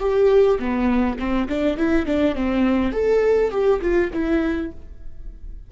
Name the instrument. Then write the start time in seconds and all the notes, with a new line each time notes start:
viola
0.00 G4
0.59 B3
1.19 C4
1.49 D4
1.78 E4
2.06 D4
2.36 C4
2.93 A4
3.51 G4
3.82 F4
4.13 E4